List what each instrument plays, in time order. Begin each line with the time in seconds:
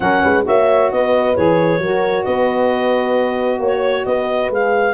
0.00 tuba F#3, saxophone C#4, horn A#4, clarinet F#5
0.23 tuba G#3, horn B4
0.43 tuba A#3, saxophone F#4, horn C#5, clarinet E5
0.91 tuba B3, horn B4, clarinet D#5
1.34 tuba E3, saxophone G#4, clarinet C#5
1.78 tuba F#3, saxophone F#4, horn A#4
2.24 tuba B3, horn B4, clarinet D#5
3.59 tuba A#3, horn C#5
3.65 clarinet C#5
4.05 tuba B3, horn B4, clarinet D#5
4.50 tuba G#3, saxophone G#4, clarinet F5